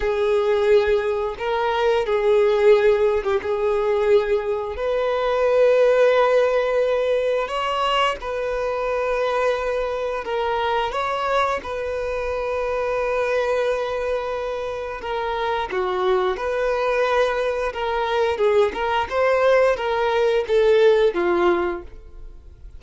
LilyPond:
\new Staff \with { instrumentName = "violin" } { \time 4/4 \tempo 4 = 88 gis'2 ais'4 gis'4~ | gis'8. g'16 gis'2 b'4~ | b'2. cis''4 | b'2. ais'4 |
cis''4 b'2.~ | b'2 ais'4 fis'4 | b'2 ais'4 gis'8 ais'8 | c''4 ais'4 a'4 f'4 | }